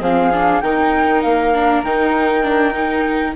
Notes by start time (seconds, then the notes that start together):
0.00 F3 C4 G#4 F5
0.32 D4
0.61 D#3 D#4 A#4 G5
1.21 A#3 F5
1.53 D4
1.82 D#3 D#4 G5
2.42 D4
2.73 D#4